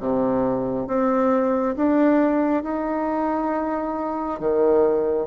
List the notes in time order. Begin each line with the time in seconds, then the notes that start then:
0.00 C3
0.87 C4
1.76 D4
2.64 D#4
4.40 D#3